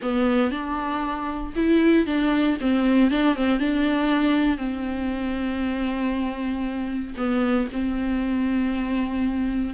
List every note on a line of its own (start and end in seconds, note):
0.01 0.50 B3
0.50 1.53 D4
1.55 2.06 E4
2.06 2.57 D4
2.60 3.10 C4
3.10 3.35 D4
3.35 3.59 C4
3.59 4.57 D4
4.57 7.14 C4
7.17 7.68 B3
7.72 9.74 C4